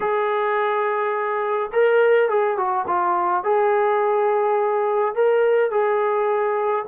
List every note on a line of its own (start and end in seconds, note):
0.00 1.70 G#4
1.72 2.29 A#4
2.29 2.57 G#4
2.57 2.85 F#4
2.87 3.43 F4
3.43 5.15 G#4
5.15 5.70 A#4
5.70 6.85 G#4